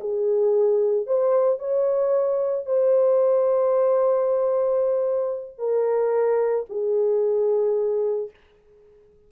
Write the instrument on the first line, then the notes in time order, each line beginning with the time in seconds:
horn
0.00 G#4
1.07 C5
1.59 C#5
2.66 C5
5.58 A#4
6.69 G#4